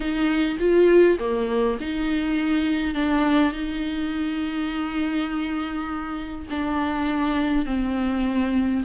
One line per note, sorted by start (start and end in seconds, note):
0.00 0.57 D#4
0.59 1.18 F4
1.19 1.78 A#3
1.80 2.94 D#4
2.94 3.52 D4
3.52 6.46 D#4
6.49 7.65 D4
7.65 8.83 C4